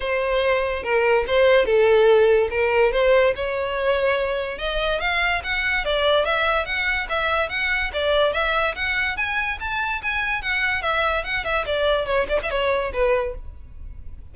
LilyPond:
\new Staff \with { instrumentName = "violin" } { \time 4/4 \tempo 4 = 144 c''2 ais'4 c''4 | a'2 ais'4 c''4 | cis''2. dis''4 | f''4 fis''4 d''4 e''4 |
fis''4 e''4 fis''4 d''4 | e''4 fis''4 gis''4 a''4 | gis''4 fis''4 e''4 fis''8 e''8 | d''4 cis''8 d''16 e''16 cis''4 b'4 | }